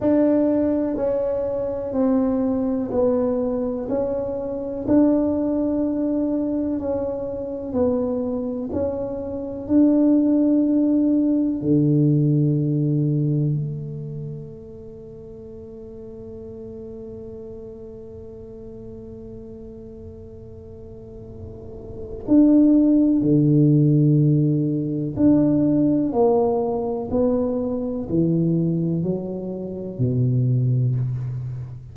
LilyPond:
\new Staff \with { instrumentName = "tuba" } { \time 4/4 \tempo 4 = 62 d'4 cis'4 c'4 b4 | cis'4 d'2 cis'4 | b4 cis'4 d'2 | d2 a2~ |
a1~ | a2. d'4 | d2 d'4 ais4 | b4 e4 fis4 b,4 | }